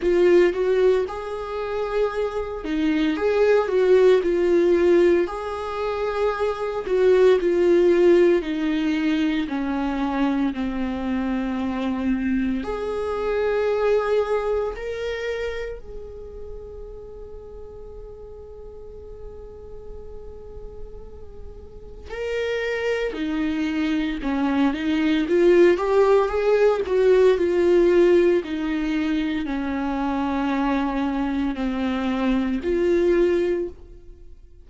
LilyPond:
\new Staff \with { instrumentName = "viola" } { \time 4/4 \tempo 4 = 57 f'8 fis'8 gis'4. dis'8 gis'8 fis'8 | f'4 gis'4. fis'8 f'4 | dis'4 cis'4 c'2 | gis'2 ais'4 gis'4~ |
gis'1~ | gis'4 ais'4 dis'4 cis'8 dis'8 | f'8 g'8 gis'8 fis'8 f'4 dis'4 | cis'2 c'4 f'4 | }